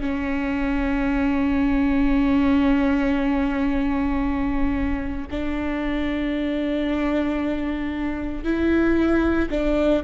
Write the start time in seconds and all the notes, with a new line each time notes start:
0.00 C#4
5.30 D4
8.44 E4
9.50 D4